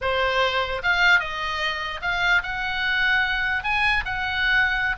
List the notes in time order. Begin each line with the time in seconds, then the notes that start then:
0.01 C5
0.83 F5
1.19 D#5
2.01 F5
2.43 F#5
3.63 G#5
4.05 F#5